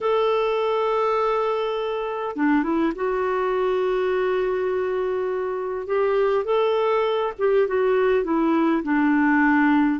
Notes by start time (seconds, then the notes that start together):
0.01 A4
2.36 D4
2.63 E4
2.95 F#4
5.86 G4
6.44 A4
7.38 G4
7.67 F#4
8.24 E4
8.83 D4